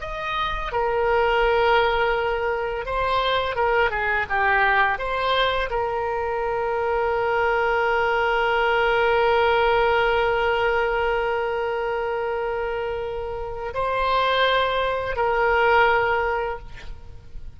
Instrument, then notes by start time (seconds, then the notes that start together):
oboe
0.00 D#5
0.72 A#4
2.85 C5
3.55 A#4
3.90 G#4
4.29 G4
4.98 C5
5.69 A#4
13.73 C5
15.16 A#4